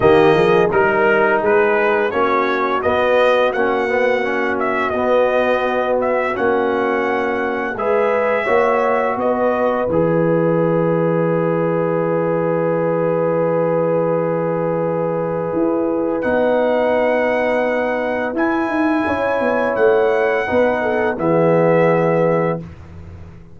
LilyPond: <<
  \new Staff \with { instrumentName = "trumpet" } { \time 4/4 \tempo 4 = 85 dis''4 ais'4 b'4 cis''4 | dis''4 fis''4. e''8 dis''4~ | dis''8 e''8 fis''2 e''4~ | e''4 dis''4 e''2~ |
e''1~ | e''2. fis''4~ | fis''2 gis''2 | fis''2 e''2 | }
  \new Staff \with { instrumentName = "horn" } { \time 4/4 g'8 gis'8 ais'4 gis'4 fis'4~ | fis'1~ | fis'2. b'4 | cis''4 b'2.~ |
b'1~ | b'1~ | b'2. cis''4~ | cis''4 b'8 a'8 gis'2 | }
  \new Staff \with { instrumentName = "trombone" } { \time 4/4 ais4 dis'2 cis'4 | b4 cis'8 b8 cis'4 b4~ | b4 cis'2 gis'4 | fis'2 gis'2~ |
gis'1~ | gis'2. dis'4~ | dis'2 e'2~ | e'4 dis'4 b2 | }
  \new Staff \with { instrumentName = "tuba" } { \time 4/4 dis8 f8 g4 gis4 ais4 | b4 ais2 b4~ | b4 ais2 gis4 | ais4 b4 e2~ |
e1~ | e2 e'4 b4~ | b2 e'8 dis'8 cis'8 b8 | a4 b4 e2 | }
>>